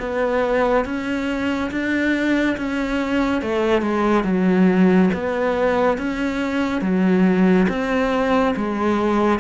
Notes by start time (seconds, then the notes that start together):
0.00 B3
0.86 C#4
1.71 D4
2.58 C#4
3.42 A3
3.82 G#3
4.24 F#3
5.14 B3
5.98 C#4
6.82 F#3
7.69 C4
8.57 G#3